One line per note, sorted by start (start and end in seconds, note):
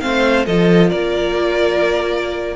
0.00 0.47 A3
0.00 0.46 C4
0.00 0.45 C5
0.00 0.44 F5
0.45 0.91 F3
0.45 2.55 F4
0.45 0.90 A4
0.45 0.89 D#5
0.89 2.55 A#3
0.89 2.55 A#4
0.89 2.55 D5